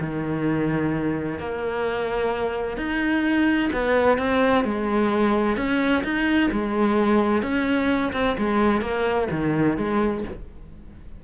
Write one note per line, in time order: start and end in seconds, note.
0.00 1.39 D#3
1.39 2.77 A#3
2.77 3.70 D#4
3.73 4.18 B3
4.18 4.64 C4
4.64 5.57 G#3
5.57 6.03 C#4
6.04 6.50 D#4
6.52 7.42 G#3
7.42 8.12 C#4
8.13 8.36 C4
8.38 8.81 G#3
8.81 9.28 A#3
9.31 9.77 D#3
9.77 10.24 G#3